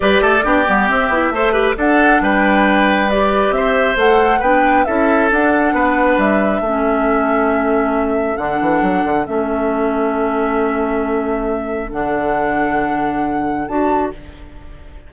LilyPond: <<
  \new Staff \with { instrumentName = "flute" } { \time 4/4 \tempo 4 = 136 d''2 e''2 | fis''4 g''2 d''4 | e''4 fis''4 g''4 e''4 | fis''2 e''2~ |
e''2. fis''4~ | fis''4 e''2.~ | e''2. fis''4~ | fis''2. a''4 | }
  \new Staff \with { instrumentName = "oboe" } { \time 4/4 b'8 a'8 g'2 c''8 b'8 | a'4 b'2. | c''2 b'4 a'4~ | a'4 b'2 a'4~ |
a'1~ | a'1~ | a'1~ | a'1 | }
  \new Staff \with { instrumentName = "clarinet" } { \time 4/4 g'4 d'8 b8 c'8 e'8 a'8 g'8 | d'2. g'4~ | g'4 a'4 d'4 e'4 | d'2. cis'4~ |
cis'2. d'4~ | d'4 cis'2.~ | cis'2. d'4~ | d'2. fis'4 | }
  \new Staff \with { instrumentName = "bassoon" } { \time 4/4 g8 a8 b8 g8 c'8 b8 a4 | d'4 g2. | c'4 a4 b4 cis'4 | d'4 b4 g4 a4~ |
a2. d8 e8 | fis8 d8 a2.~ | a2. d4~ | d2. d'4 | }
>>